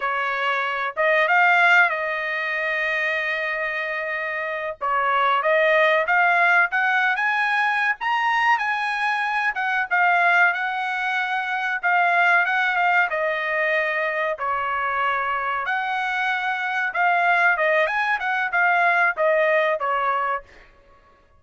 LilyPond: \new Staff \with { instrumentName = "trumpet" } { \time 4/4 \tempo 4 = 94 cis''4. dis''8 f''4 dis''4~ | dis''2.~ dis''8 cis''8~ | cis''8 dis''4 f''4 fis''8. gis''8.~ | gis''8 ais''4 gis''4. fis''8 f''8~ |
f''8 fis''2 f''4 fis''8 | f''8 dis''2 cis''4.~ | cis''8 fis''2 f''4 dis''8 | gis''8 fis''8 f''4 dis''4 cis''4 | }